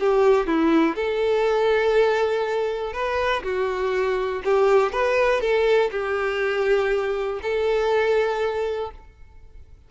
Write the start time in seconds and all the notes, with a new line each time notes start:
0.00 G4
0.47 E4
0.96 A4
2.94 B4
3.43 F#4
4.45 G4
4.93 B4
5.41 A4
5.92 G4
7.43 A4